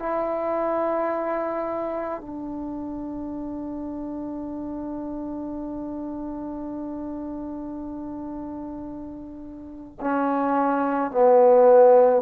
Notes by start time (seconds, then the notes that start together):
0.00 E4
2.21 D4
10.01 C#4
11.12 B3